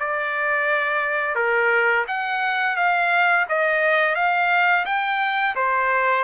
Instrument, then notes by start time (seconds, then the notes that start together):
trumpet
0.00 D5
1.36 A#4
2.08 F#5
2.77 F5
3.49 D#5
4.16 F5
4.86 G5
5.56 C5